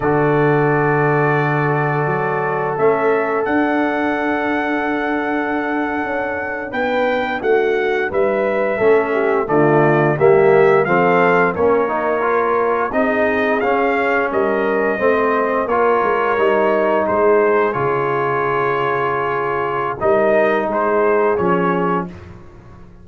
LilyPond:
<<
  \new Staff \with { instrumentName = "trumpet" } { \time 4/4 \tempo 4 = 87 d''1 | e''4 fis''2.~ | fis''4.~ fis''16 g''4 fis''4 e''16~ | e''4.~ e''16 d''4 e''4 f''16~ |
f''8. cis''2 dis''4 f''16~ | f''8. dis''2 cis''4~ cis''16~ | cis''8. c''4 cis''2~ cis''16~ | cis''4 dis''4 c''4 cis''4 | }
  \new Staff \with { instrumentName = "horn" } { \time 4/4 a'1~ | a'1~ | a'4.~ a'16 b'4 fis'4 b'16~ | b'8. a'8 g'8 f'4 g'4 a'16~ |
a'8. ais'2 gis'4~ gis'16~ | gis'8. ais'4 c''4 ais'4~ ais'16~ | ais'8. gis'2.~ gis'16~ | gis'4 ais'4 gis'2 | }
  \new Staff \with { instrumentName = "trombone" } { \time 4/4 fis'1 | cis'4 d'2.~ | d'1~ | d'8. cis'4 a4 ais4 c'16~ |
c'8. cis'8 dis'8 f'4 dis'4 cis'16~ | cis'4.~ cis'16 c'4 f'4 dis'16~ | dis'4.~ dis'16 f'2~ f'16~ | f'4 dis'2 cis'4 | }
  \new Staff \with { instrumentName = "tuba" } { \time 4/4 d2. fis4 | a4 d'2.~ | d'8. cis'4 b4 a4 g16~ | g8. a4 d4 g4 f16~ |
f8. ais2 c'4 cis'16~ | cis'8. g4 a4 ais8 gis8 g16~ | g8. gis4 cis2~ cis16~ | cis4 g4 gis4 f4 | }
>>